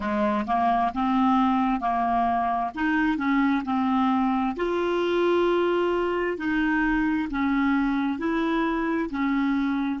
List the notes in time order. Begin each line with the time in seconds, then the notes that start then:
0.00 G#3
0.46 A#3
0.93 C4
1.80 A#3
2.74 D#4
3.17 C#4
3.64 C4
4.56 F4
6.37 D#4
7.30 C#4
8.18 E4
9.10 C#4